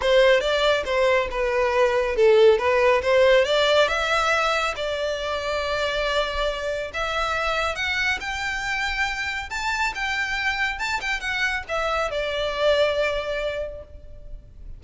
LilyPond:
\new Staff \with { instrumentName = "violin" } { \time 4/4 \tempo 4 = 139 c''4 d''4 c''4 b'4~ | b'4 a'4 b'4 c''4 | d''4 e''2 d''4~ | d''1 |
e''2 fis''4 g''4~ | g''2 a''4 g''4~ | g''4 a''8 g''8 fis''4 e''4 | d''1 | }